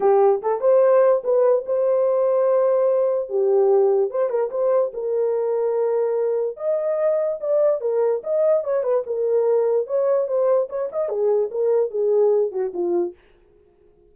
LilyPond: \new Staff \with { instrumentName = "horn" } { \time 4/4 \tempo 4 = 146 g'4 a'8 c''4. b'4 | c''1 | g'2 c''8 ais'8 c''4 | ais'1 |
dis''2 d''4 ais'4 | dis''4 cis''8 b'8 ais'2 | cis''4 c''4 cis''8 dis''8 gis'4 | ais'4 gis'4. fis'8 f'4 | }